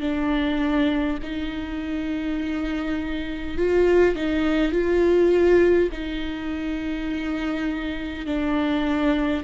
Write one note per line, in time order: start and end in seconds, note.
0.00 1.18 D4
1.22 3.57 D#4
3.57 4.15 F4
4.15 4.72 D#4
4.72 5.89 F4
5.91 8.26 D#4
8.26 9.43 D4